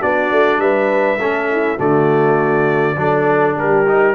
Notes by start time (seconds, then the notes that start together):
0.00 B3 D4 F#4 D5
0.31 A3
0.58 G3 B4 E5
1.18 A3 C#4 A4
1.52 E4
1.77 D3 A3 F#4 D5
2.96 F#3 D4 A4
3.57 G3 G4 A#4
3.88 D#4